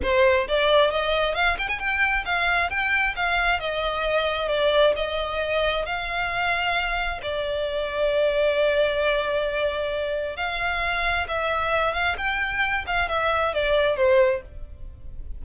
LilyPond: \new Staff \with { instrumentName = "violin" } { \time 4/4 \tempo 4 = 133 c''4 d''4 dis''4 f''8 g''16 gis''16 | g''4 f''4 g''4 f''4 | dis''2 d''4 dis''4~ | dis''4 f''2. |
d''1~ | d''2. f''4~ | f''4 e''4. f''8 g''4~ | g''8 f''8 e''4 d''4 c''4 | }